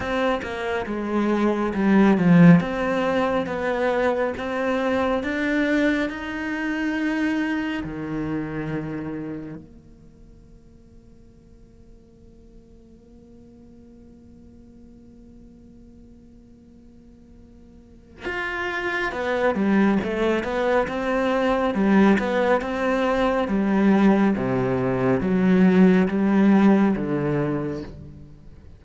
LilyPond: \new Staff \with { instrumentName = "cello" } { \time 4/4 \tempo 4 = 69 c'8 ais8 gis4 g8 f8 c'4 | b4 c'4 d'4 dis'4~ | dis'4 dis2 ais4~ | ais1~ |
ais1~ | ais4 f'4 b8 g8 a8 b8 | c'4 g8 b8 c'4 g4 | c4 fis4 g4 d4 | }